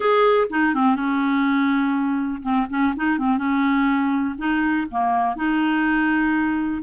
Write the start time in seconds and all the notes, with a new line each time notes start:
0.00 G#4
0.50 D#4
0.74 C4
0.95 C#4
2.42 C4
2.69 C#4
2.96 D#4
3.18 C4
3.37 C#4
4.38 D#4
4.90 A#3
5.36 D#4